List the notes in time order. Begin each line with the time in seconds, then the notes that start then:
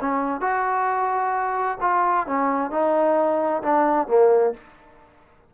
0.00 C#4
0.40 F#4
1.80 F4
2.27 C#4
2.70 D#4
3.62 D4
4.07 A#3